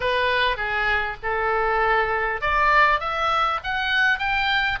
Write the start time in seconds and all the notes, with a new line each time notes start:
0.00 B4
0.56 G#4
1.22 A4
2.41 D5
2.99 E5
3.63 F#5
4.18 G5